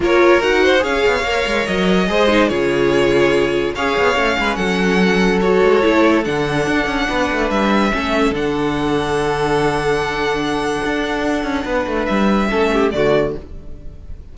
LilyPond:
<<
  \new Staff \with { instrumentName = "violin" } { \time 4/4 \tempo 4 = 144 cis''4 fis''4 f''2 | dis''2 cis''2~ | cis''4 f''2 fis''4~ | fis''4 cis''2 fis''4~ |
fis''2 e''2 | fis''1~ | fis''1~ | fis''4 e''2 d''4 | }
  \new Staff \with { instrumentName = "violin" } { \time 4/4 ais'4. c''8 cis''2~ | cis''4 c''4 gis'2~ | gis'4 cis''4. b'8 a'4~ | a'1~ |
a'4 b'2 a'4~ | a'1~ | a'1 | b'2 a'8 g'8 fis'4 | }
  \new Staff \with { instrumentName = "viola" } { \time 4/4 f'4 fis'4 gis'4 ais'4~ | ais'4 gis'8 dis'8 f'2~ | f'4 gis'4 cis'2~ | cis'4 fis'4 e'4 d'4~ |
d'2. cis'4 | d'1~ | d'1~ | d'2 cis'4 a4 | }
  \new Staff \with { instrumentName = "cello" } { \time 4/4 ais4 dis'4 cis'8 b8 ais8 gis8 | fis4 gis4 cis2~ | cis4 cis'8 b8 a8 gis8 fis4~ | fis4. gis8 a4 d4 |
d'8 cis'8 b8 a8 g4 a4 | d1~ | d2 d'4. cis'8 | b8 a8 g4 a4 d4 | }
>>